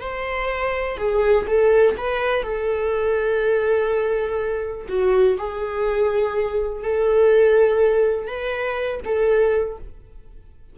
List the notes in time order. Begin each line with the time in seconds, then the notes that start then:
0.00 C5
0.97 G#4
1.47 A4
1.97 B4
2.43 A4
4.88 F#4
5.38 G#4
6.83 A4
8.27 B4
9.05 A4